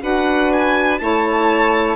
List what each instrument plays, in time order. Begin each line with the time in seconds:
0.00 bassoon D4, saxophone F#4, violin B4 F#5
0.52 violin G#5
0.98 bassoon A3, saxophone E4, violin C#5 A5